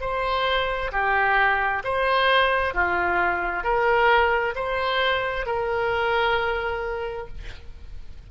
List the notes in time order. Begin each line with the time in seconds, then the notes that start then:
0.00 C5
0.92 G4
1.84 C5
2.74 F4
3.63 A#4
4.55 C5
5.46 A#4